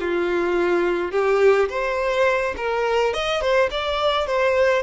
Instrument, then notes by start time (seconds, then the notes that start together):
violin
0.00 F4
1.12 G4
1.69 C5
2.57 A#4
3.14 D#5
3.41 C5
3.71 D5
4.27 C5